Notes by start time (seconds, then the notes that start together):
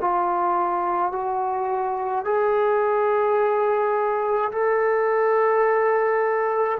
0.00 F4
1.12 F#4
2.24 G#4
4.51 A4